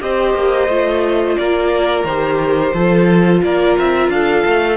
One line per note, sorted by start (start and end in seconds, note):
0.00 0.34 C4
0.00 0.68 G4
0.00 1.39 C5
0.00 1.37 D#5
0.34 0.68 A#3
0.68 1.36 A3
0.68 2.06 F4
1.37 2.04 A#3
1.37 2.73 A#4
1.37 2.05 D5
2.04 2.72 D#3
2.04 2.75 G4
2.04 3.41 C5
2.73 3.42 F3
2.73 4.76 F4
2.73 3.41 A4
3.43 3.77 A#3
3.43 4.12 A#4
3.43 3.77 D5
3.79 4.09 C4
3.79 4.09 E5
4.09 4.43 D4
4.09 4.76 A4
4.09 4.76 F5
4.46 4.76 A3